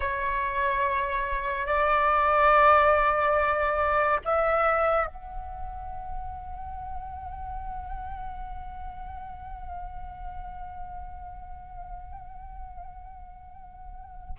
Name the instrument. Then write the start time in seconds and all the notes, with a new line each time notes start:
flute
0.00 C#5
1.66 D5
4.24 E5
5.06 F#5